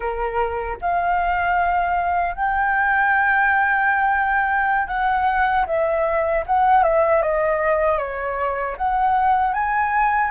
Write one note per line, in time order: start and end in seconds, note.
0.00 0.77 A#4
0.81 2.35 F5
2.35 4.87 G5
4.87 5.65 F#5
5.66 6.44 E5
6.46 6.83 F#5
6.83 7.21 E5
7.21 7.98 D#5
7.98 8.76 C#5
8.77 9.53 F#5
9.53 10.31 G#5